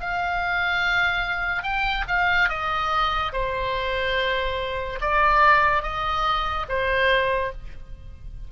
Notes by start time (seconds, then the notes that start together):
0.00 F5
1.63 G5
2.08 F5
2.49 D#5
3.33 C5
5.01 D5
5.83 D#5
6.69 C5